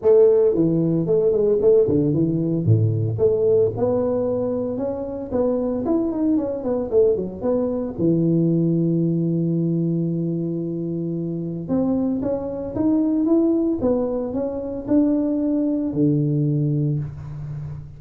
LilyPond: \new Staff \with { instrumentName = "tuba" } { \time 4/4 \tempo 4 = 113 a4 e4 a8 gis8 a8 d8 | e4 a,4 a4 b4~ | b4 cis'4 b4 e'8 dis'8 | cis'8 b8 a8 fis8 b4 e4~ |
e1~ | e2 c'4 cis'4 | dis'4 e'4 b4 cis'4 | d'2 d2 | }